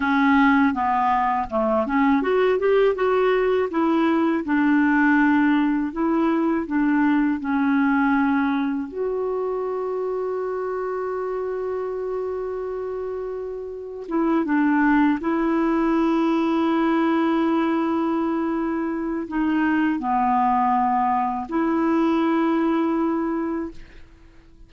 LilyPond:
\new Staff \with { instrumentName = "clarinet" } { \time 4/4 \tempo 4 = 81 cis'4 b4 a8 cis'8 fis'8 g'8 | fis'4 e'4 d'2 | e'4 d'4 cis'2 | fis'1~ |
fis'2. e'8 d'8~ | d'8 e'2.~ e'8~ | e'2 dis'4 b4~ | b4 e'2. | }